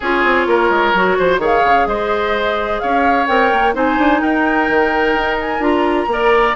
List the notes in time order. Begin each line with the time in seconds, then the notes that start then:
0.00 C#4 F4 G#4 C#5
0.24 C4
0.47 A#3 A#4
0.69 G#3
0.93 F#3 F#4
1.18 F3 C5
1.38 D#3 G#4 C#5
1.44 F5
1.64 C#3
1.86 G#3 C5 D#5
2.79 C#4 C#5 F5
3.27 C4 A#4 G5
3.52 A#3
3.73 C4 D#4 C5 G#5
3.98 D4
4.21 D#4 A#4 G5
4.68 D#3
5.15 D#4
5.40 G#5
5.59 D4 F4 A#5
6.07 A#3 A#4 D5